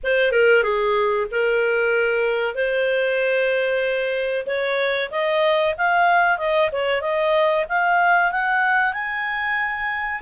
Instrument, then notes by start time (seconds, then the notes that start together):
clarinet
0.03 C5
0.31 A#4
0.63 G#4
1.31 A#4
2.54 C5
4.46 C#5
5.11 D#5
5.77 F5
6.37 D#5
6.72 C#5
7.01 D#5
7.68 F5
8.31 F#5
8.93 G#5